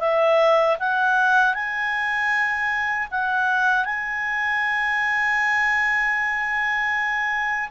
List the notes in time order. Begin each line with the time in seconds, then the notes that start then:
0.00 E5
0.79 F#5
1.54 G#5
3.11 F#5
3.85 G#5